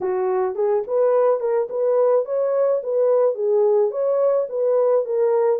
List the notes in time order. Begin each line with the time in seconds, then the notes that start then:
0.00 F#4
0.55 G#4
0.87 B4
1.40 A#4
1.69 B4
2.25 C#5
2.83 B4
3.34 G#4
3.90 C#5
4.49 B4
5.05 A#4